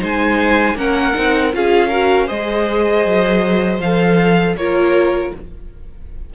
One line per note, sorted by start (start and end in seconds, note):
0.00 0.75 G#3
0.00 0.76 D#4
0.00 0.76 C5
0.00 0.77 G#5
0.75 1.12 A#3
0.75 1.14 C#4
0.75 1.55 A#4
0.75 1.53 F#5
1.14 1.54 C4
1.14 1.52 D#4
1.53 2.30 C#4
1.53 1.91 F4
1.53 1.89 G#4
1.53 2.29 F5
1.89 2.27 F#4
1.89 2.26 A#4
2.26 3.05 G#3
2.26 3.79 G#4
2.26 4.54 C5
2.26 3.80 D#5
3.05 3.79 F#3
3.79 4.55 F3
3.79 4.58 A4
3.79 4.56 F5
4.55 5.31 A#3
4.55 5.34 F4
4.55 5.34 A#4
4.55 5.32 C#5